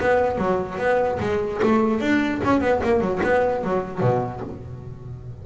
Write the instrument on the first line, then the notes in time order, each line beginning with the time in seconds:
double bass
0.00 B3
0.38 F#3
0.78 B3
1.20 G#3
1.63 A3
2.00 D4
2.44 C#4
2.60 B3
2.84 A#3
3.01 F#3
3.23 B3
3.64 F#3
4.00 B2